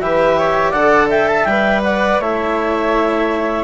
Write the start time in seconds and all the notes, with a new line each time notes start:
0.00 E3 G4 B4 E5
0.38 C#5
0.70 D3 A4 D5 F#5
1.09 E5 G5
1.28 A5
1.44 G3 B4 G5
1.83 D5 F#5
2.19 A3 E4 C#5 E5